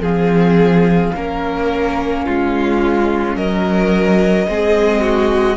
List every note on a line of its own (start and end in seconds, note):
0.00 1.11 F3
0.00 1.14 C4
0.00 1.13 G#4
0.00 3.37 F5
1.14 2.27 A#3
1.14 4.47 C#4
1.14 2.25 A#4
2.25 3.36 G#3
2.25 3.36 F4
3.36 4.47 F#3
3.36 4.47 A#4
3.36 5.57 D#5
4.47 5.57 G#3
4.47 5.57 C4
4.47 5.01 G#4
5.01 5.57 F#4